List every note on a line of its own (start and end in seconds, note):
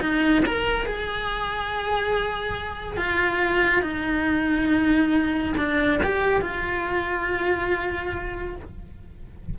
0.00 0.43 D#4
0.46 0.86 A#4
0.86 2.96 G#4
2.96 3.82 F4
3.82 5.53 D#4
5.57 6.00 D4
6.03 6.41 G4
6.41 8.56 F4